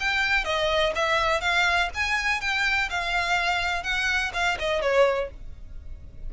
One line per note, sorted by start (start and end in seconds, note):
0.00 0.45 G5
0.45 0.93 D#5
0.95 1.41 E5
1.41 1.89 F5
1.95 2.41 G#5
2.41 2.89 G5
2.90 3.83 F5
3.83 4.32 F#5
4.34 4.58 F5
4.59 4.82 D#5
4.82 5.30 C#5